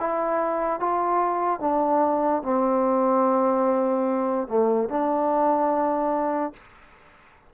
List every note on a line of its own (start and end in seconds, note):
0.00 0.80 E4
0.80 1.61 F4
1.61 2.43 D4
2.43 4.48 C4
4.48 4.89 A3
4.89 6.54 D4